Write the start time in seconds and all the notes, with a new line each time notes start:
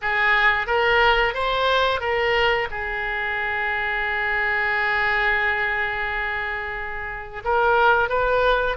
0.01 G#4
0.66 A#4
1.34 C5
2.00 A#4
2.71 G#4
7.44 A#4
8.09 B4